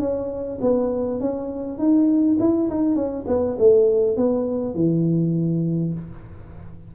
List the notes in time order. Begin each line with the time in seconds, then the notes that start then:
0.00 C#4
0.62 B3
1.21 C#4
1.79 D#4
2.40 E4
2.70 D#4
2.96 C#4
3.28 B3
3.59 A3
4.17 B3
4.75 E3